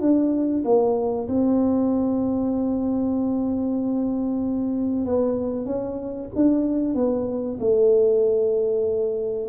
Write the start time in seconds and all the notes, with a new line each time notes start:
0.00 D4
0.65 A#3
1.28 C4
5.05 B3
5.66 C#4
6.35 D4
6.94 B3
7.60 A3